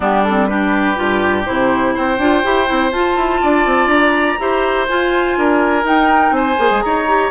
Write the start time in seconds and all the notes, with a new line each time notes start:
0.00 G3 B3 D4 G4
0.24 C4 A4
0.46 D4 G4 B4
0.95 G2 F4
1.45 C3 E4 C5
1.94 C4 C5 G5
2.18 D4 F4
2.43 E4 G4
2.66 C4 E4
2.91 F4 A5
3.16 E4
3.41 D4 D5
3.65 C4
3.86 D4 A#5
4.38 E4 G4 C5
4.88 F4 G#5
5.37 D4 A#4
5.82 D#4 G5
6.31 C4 C5 G#5
6.56 A#3 G#4
6.70 G#3
6.81 D#4 C#5 A#5
7.07 G4